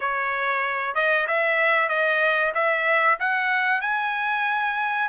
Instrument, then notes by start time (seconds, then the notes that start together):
trumpet
0.00 C#5
0.94 D#5
1.27 E5
1.88 D#5
2.54 E5
3.19 F#5
3.81 G#5